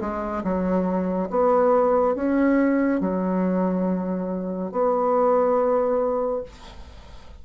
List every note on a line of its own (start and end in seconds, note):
0.00 0.43 G#3
0.43 1.29 F#3
1.30 2.15 B3
2.15 3.00 C#4
3.00 4.71 F#3
4.71 6.42 B3